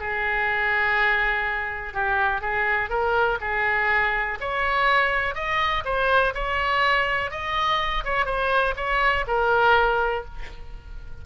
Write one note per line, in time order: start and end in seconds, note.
0.00 1.94 G#4
1.94 2.41 G4
2.41 2.90 G#4
2.90 3.39 A#4
3.41 4.39 G#4
4.41 5.35 C#5
5.35 5.84 D#5
5.85 6.34 C5
6.35 7.31 C#5
7.31 8.04 D#5
8.05 8.26 C#5
8.26 8.75 C5
8.77 9.26 C#5
9.27 10.25 A#4